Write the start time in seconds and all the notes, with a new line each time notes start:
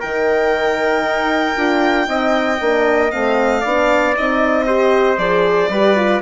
0.00 D#3 D#4 A#4 G5
1.04 D#4
1.56 D4 F4
2.06 C4 D#4 D#5
2.61 A#3 D4
3.11 A3 C4 F5
3.61 B3 D4 D5
4.15 C4 D#4 D#5
4.66 G4 C5
5.18 F3 G#4 D5
5.69 G3 G4 B4
5.96 F4